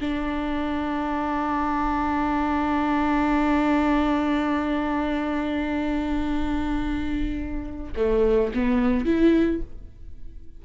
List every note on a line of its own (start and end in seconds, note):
0.00 7.92 D4
7.96 8.53 A3
8.54 9.05 B3
9.05 9.61 E4